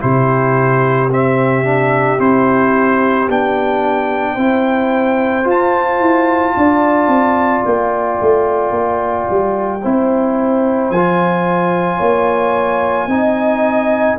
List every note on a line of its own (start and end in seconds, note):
0.00 2.20 C3
0.00 1.09 E4
0.00 4.34 G4
0.00 1.10 C5
1.11 1.64 C4
1.11 2.20 E5
1.64 2.19 D4
2.19 3.29 C4
2.19 3.28 E4
2.19 3.29 C5
3.29 4.37 B3
3.29 4.38 D4
3.29 5.49 G5
4.34 5.46 C4
4.34 5.44 E4
4.34 6.52 C5
5.44 9.80 F4
5.44 6.00 F4
5.50 7.65 A5
6.00 6.55 E4
6.56 7.08 D4
6.56 9.83 D5
7.08 7.62 C4
7.65 8.20 A#3
7.65 10.91 G5
8.22 8.71 A3
8.71 9.25 A#3
9.30 9.85 G3
9.83 10.90 C4
9.83 10.93 E4
9.83 11.97 C5
10.90 12.00 F3
10.90 13.09 F4
10.90 14.19 G#5
11.97 13.07 A#3
11.97 13.07 C#5
13.07 14.16 C4
13.07 14.18 D#4
13.07 14.19 D#5